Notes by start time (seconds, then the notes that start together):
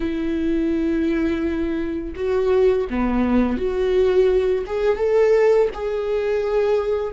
0.00 E4
2.15 F#4
2.90 B3
3.57 F#4
4.66 G#4
4.97 A4
5.73 G#4